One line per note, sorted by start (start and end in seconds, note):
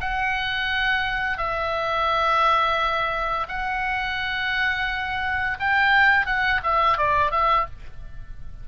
0.00 1.37 F#5
1.37 3.47 E5
3.48 5.58 F#5
5.59 6.26 G5
6.26 6.61 F#5
6.63 6.98 E5
6.98 7.31 D5
7.31 7.66 E5